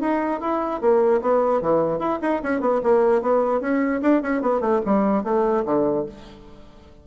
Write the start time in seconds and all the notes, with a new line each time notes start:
0.00 D#4
0.40 E4
0.81 A#3
1.21 B3
1.61 E3
1.99 E4
2.21 D#4
2.43 C#4
2.60 B3
2.83 A#3
3.21 B3
3.60 C#4
4.02 D4
4.22 C#4
4.42 B3
4.60 A3
4.85 G3
5.24 A3
5.65 D3